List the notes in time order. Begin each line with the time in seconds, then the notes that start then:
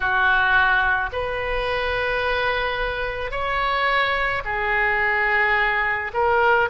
0.00 F#4
1.12 B4
3.31 C#5
4.44 G#4
6.13 A#4